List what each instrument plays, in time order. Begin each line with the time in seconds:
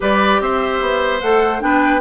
0.00 bassoon G3, clarinet G4, oboe B4, flute D5
0.40 bassoon C4, oboe C5, flute E5
0.80 bassoon B3
1.20 bassoon A3, clarinet A4, flute F#5
1.60 bassoon B3, clarinet D4, oboe B4, flute G5